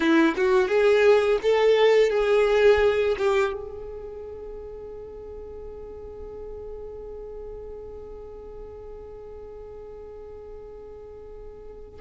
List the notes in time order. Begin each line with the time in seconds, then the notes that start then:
0.00 E4
0.36 F#4
0.68 G#4
1.42 A4
2.10 G#4
3.18 G4
3.53 G#4